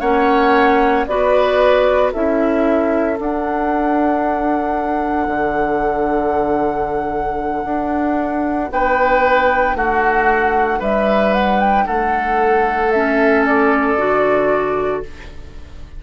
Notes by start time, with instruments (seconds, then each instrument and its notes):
0.00 bassoon A#3, clarinet C#4, oboe C#5, flute F#5
1.06 bassoon B3, clarinet F#4, oboe B4, flute D5
2.13 bassoon C#4, clarinet E4, oboe A4, flute E5
3.16 clarinet D4, bassoon D4, flute F#5
5.27 bassoon D3
7.65 bassoon D4
8.71 bassoon B3, oboe B4, flute G5
9.75 bassoon A3, oboe F#4, flute F#5
10.79 bassoon G3, oboe B4, flute E5
11.34 flute F#5
11.60 flute G5
11.86 bassoon A3, oboe A4, flute F#5
12.91 clarinet C#4, flute E5
13.45 flute D5
13.97 bassoon D3, clarinet F#4